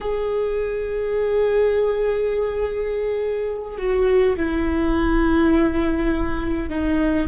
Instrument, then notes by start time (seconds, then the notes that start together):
viola
0.00 G#4
3.77 F#4
4.36 E4
6.69 D#4